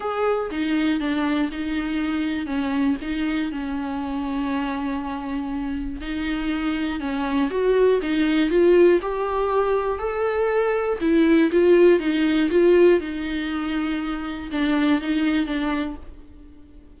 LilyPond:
\new Staff \with { instrumentName = "viola" } { \time 4/4 \tempo 4 = 120 gis'4 dis'4 d'4 dis'4~ | dis'4 cis'4 dis'4 cis'4~ | cis'1 | dis'2 cis'4 fis'4 |
dis'4 f'4 g'2 | a'2 e'4 f'4 | dis'4 f'4 dis'2~ | dis'4 d'4 dis'4 d'4 | }